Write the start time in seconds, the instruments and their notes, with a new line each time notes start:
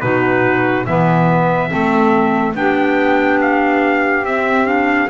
0.00 double bass B2, clarinet D#4, saxophone F#4, trumpet B4
0.86 double bass E3, clarinet B3, saxophone B4, trumpet E5
1.68 double bass A3, clarinet C4, saxophone A4
2.54 double bass B3, clarinet D4, saxophone G4, trumpet G5
3.41 trumpet F5
4.23 double bass C4, clarinet C4, trumpet E5
4.65 clarinet D4, trumpet F5